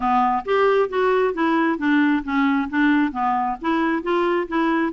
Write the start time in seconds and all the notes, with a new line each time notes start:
0.00 B3
0.45 G4
0.89 F#4
1.34 E4
1.78 D4
2.24 C#4
2.69 D4
3.12 B3
3.61 E4
4.02 F4
4.48 E4